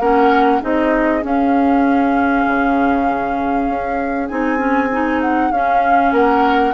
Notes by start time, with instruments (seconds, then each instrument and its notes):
0.00 bassoon A#3, clarinet C#4, oboe A#4, flute F#5
0.61 bassoon C4, clarinet D#4, oboe G#4, flute D#5
1.22 clarinet C#4, bassoon C#4, flute F5
2.47 bassoon C#3
3.68 bassoon C#4
4.28 bassoon C4, clarinet D#4, flute G#5
4.58 clarinet C#4
4.92 clarinet D#4
5.21 flute F#5
5.52 bassoon C#4, clarinet C#4, flute F5
6.12 bassoon A#3, oboe A#4, flute F#5